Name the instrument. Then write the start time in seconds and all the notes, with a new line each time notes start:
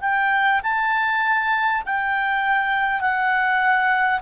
clarinet
0.00 G5
0.63 A5
1.85 G5
3.00 F#5